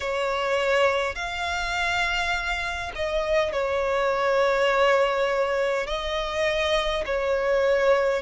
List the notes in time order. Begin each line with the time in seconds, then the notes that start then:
0.00 C#5
1.15 F5
2.95 D#5
3.52 C#5
5.87 D#5
7.05 C#5